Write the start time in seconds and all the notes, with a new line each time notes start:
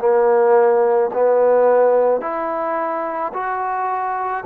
0.00 A#3
1.14 B3
2.22 E4
3.34 F#4